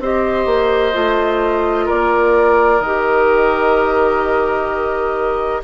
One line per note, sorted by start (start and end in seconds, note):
0.00 0.46 C4
0.00 0.93 G4
0.00 1.86 C5
0.00 1.89 D#5
0.46 0.93 A#3
0.93 1.89 A3
0.93 2.80 F4
1.86 2.81 A#3
1.86 5.61 A#4
1.86 2.81 D5
2.81 5.62 D#3
2.81 5.64 G4
2.81 5.62 D#5